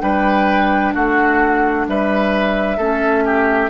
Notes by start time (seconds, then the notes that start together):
0.00 G3 D4 B4 G5
0.94 A3 F#4 F#5
1.88 G3 B4 E5
2.77 A3 C#4 A4
3.26 G4